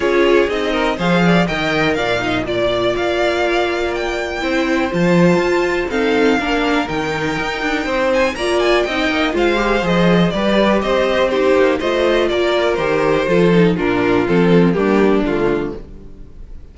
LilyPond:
<<
  \new Staff \with { instrumentName = "violin" } { \time 4/4 \tempo 4 = 122 cis''4 dis''4 f''4 g''4 | f''4 d''4 f''2 | g''2 a''2 | f''2 g''2~ |
g''8 gis''8 ais''8 gis''8 g''4 f''4 | dis''4 d''4 dis''4 c''4 | dis''4 d''4 c''2 | ais'4 a'4 g'4 f'4 | }
  \new Staff \with { instrumentName = "violin" } { \time 4/4 gis'4. ais'8 c''8 d''8 dis''4 | d''8 dis''8 d''2.~ | d''4 c''2. | a'4 ais'2. |
c''4 d''4 dis''4 c''4~ | c''4 b'4 c''4 g'4 | c''4 ais'2 a'4 | f'2 d'2 | }
  \new Staff \with { instrumentName = "viola" } { \time 4/4 f'4 dis'4 gis'4 ais'4~ | ais'8 dis'8 f'2.~ | f'4 e'4 f'2 | c'4 d'4 dis'2~ |
dis'4 f'4 dis'4 f'8 g'8 | gis'4 g'2 dis'4 | f'2 g'4 f'8 dis'8 | d'4 c'4 ais4 a4 | }
  \new Staff \with { instrumentName = "cello" } { \time 4/4 cis'4 c'4 f4 dis4 | ais,2 ais2~ | ais4 c'4 f4 f'4 | dis'4 ais4 dis4 dis'8 d'8 |
c'4 ais4 c'8 ais8 gis4 | f4 g4 c'4. ais8 | a4 ais4 dis4 f4 | ais,4 f4 g4 d4 | }
>>